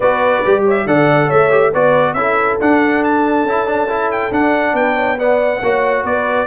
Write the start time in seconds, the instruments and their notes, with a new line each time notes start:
0.00 tuba B3, trombone F#4, horn B4, trumpet D5
0.44 tuba G3, trombone G4
0.64 horn C#5, trumpet E5
0.85 tuba D3, trombone A4, horn D5, trumpet F#5
1.27 tuba A3, horn C#5, trumpet E5
1.50 trombone G4
1.72 tuba B3, trombone F#4, horn B4, trumpet D5
2.13 tuba C#4, trombone E4, horn A4, trumpet E5
2.60 tuba D4, trombone D4, trumpet F#5
3.04 trumpet A5
3.44 tuba C#4, trombone E4
3.66 trombone D4
3.88 trombone E4
4.11 trumpet G5
4.31 tuba D4, trombone D4, trumpet F#5
4.73 tuba B3, horn B4, trumpet G5
4.95 horn C#5
5.18 trombone B3, horn D5, trumpet F#5
5.62 tuba A#3, trombone F#4, horn C#5
6.04 tuba B3, horn B4, trumpet D5